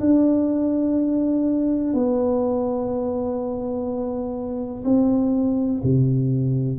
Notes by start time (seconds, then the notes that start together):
0.00 D4
1.93 B3
4.84 C4
5.83 C3